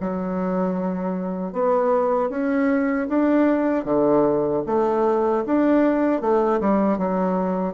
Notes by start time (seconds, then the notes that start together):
0.00 F#3
1.53 B3
2.30 C#4
3.09 D4
3.85 D3
4.66 A3
5.45 D4
6.21 A3
6.60 G3
6.98 F#3